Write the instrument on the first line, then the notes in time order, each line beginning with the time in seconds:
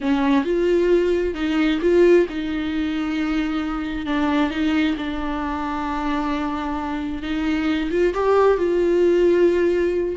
viola
0.00 C#4
0.44 F4
1.34 D#4
1.81 F4
2.29 D#4
4.06 D4
4.50 D#4
4.97 D4
7.22 D#4
7.90 F4
8.13 G4
8.57 F4